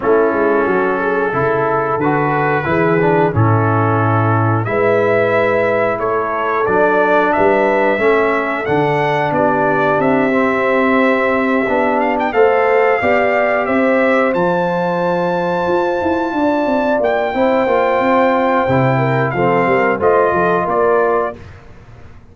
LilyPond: <<
  \new Staff \with { instrumentName = "trumpet" } { \time 4/4 \tempo 4 = 90 a'2. b'4~ | b'4 a'2 e''4~ | e''4 cis''4 d''4 e''4~ | e''4 fis''4 d''4 e''4~ |
e''2 f''16 g''16 f''4.~ | f''8 e''4 a''2~ a''8~ | a''4. g''2~ g''8~ | g''4 f''4 dis''4 d''4 | }
  \new Staff \with { instrumentName = "horn" } { \time 4/4 e'4 fis'8 gis'8 a'2 | gis'4 e'2 b'4~ | b'4 a'2 b'4 | a'2 g'2~ |
g'2~ g'8 c''4 d''8~ | d''8 c''2.~ c''8~ | c''8 d''4. c''2~ | c''8 ais'8 a'8 ais'8 c''8 a'8 ais'4 | }
  \new Staff \with { instrumentName = "trombone" } { \time 4/4 cis'2 e'4 fis'4 | e'8 d'8 cis'2 e'4~ | e'2 d'2 | cis'4 d'2~ d'8 c'8~ |
c'4. d'4 a'4 g'8~ | g'4. f'2~ f'8~ | f'2 e'8 f'4. | e'4 c'4 f'2 | }
  \new Staff \with { instrumentName = "tuba" } { \time 4/4 a8 gis8 fis4 cis4 d4 | e4 a,2 gis4~ | gis4 a4 fis4 g4 | a4 d4 b4 c'4~ |
c'4. b4 a4 b8~ | b8 c'4 f2 f'8 | e'8 d'8 c'8 ais8 c'8 ais8 c'4 | c4 f8 g8 a8 f8 ais4 | }
>>